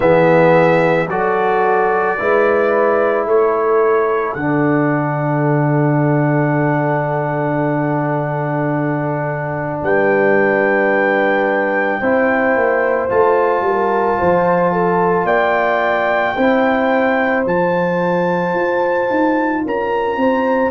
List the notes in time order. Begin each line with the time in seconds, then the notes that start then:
0.00 E3 B3 G#4 E5
1.07 F#3 F#4 A4 D5
2.18 G#3 E4 B4
3.25 A3 A4 C#5
4.34 D3 D4 F#5
9.82 G3 B4 G5
12.00 C4 E4 C5
12.55 A#3
13.09 A3 F4 A5
13.60 G3 A#4
14.18 F3 C5
14.72 A4
15.24 A#3 D5 G5
16.36 C4 E4 C5
17.45 F3 F4 A5
18.54 F4
19.10 D#4
19.64 C#4 A#4 A#5
20.16 C4 C5